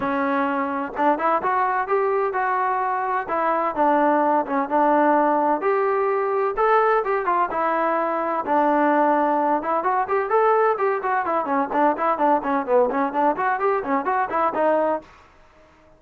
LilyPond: \new Staff \with { instrumentName = "trombone" } { \time 4/4 \tempo 4 = 128 cis'2 d'8 e'8 fis'4 | g'4 fis'2 e'4 | d'4. cis'8 d'2 | g'2 a'4 g'8 f'8 |
e'2 d'2~ | d'8 e'8 fis'8 g'8 a'4 g'8 fis'8 | e'8 cis'8 d'8 e'8 d'8 cis'8 b8 cis'8 | d'8 fis'8 g'8 cis'8 fis'8 e'8 dis'4 | }